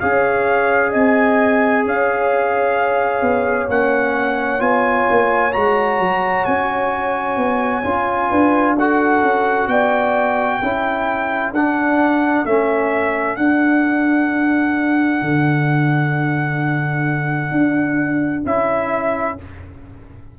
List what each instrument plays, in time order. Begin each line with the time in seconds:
0.00 tuba C#4, trombone G#4, horn C#5, trumpet F5
0.90 tuba C4, horn D#5, trumpet G#5
1.85 tuba C#4, horn C#5, trumpet F5
3.22 tuba B3
3.69 tuba A#3, trombone C#4, trumpet F#5
4.60 tuba B3, trombone F4, trumpet G#5
5.10 tuba A#3
5.52 tuba G#3, trombone F#4, trumpet A#5
5.99 tuba F#3
6.45 tuba C#4, trumpet G#5
7.37 tuba B3
7.85 tuba C#4, trombone F4
8.30 tuba D4, horn B4
8.78 trombone F#4, horn A4, trumpet F#5
9.22 tuba C#4
9.67 tuba B3, horn D5, trumpet G5
10.62 tuba C#4, trombone E4, horn A4
11.52 tuba D4, trombone D4, trumpet F#5
12.45 tuba A3, trombone C#4, trumpet E5
13.36 tuba D4, trombone D4, trumpet F#5
15.22 tuba D3
17.52 tuba D4
18.45 tuba C#4, trombone E4, trumpet E5